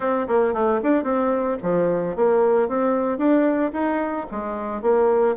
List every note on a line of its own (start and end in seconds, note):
0.00 0.27 C4
0.27 0.53 A#3
0.53 0.80 A3
0.82 1.03 D4
1.03 1.57 C4
1.62 2.16 F3
2.16 2.68 A#3
2.68 3.18 C4
3.18 3.71 D4
3.72 4.26 D#4
4.31 4.81 G#3
4.81 5.35 A#3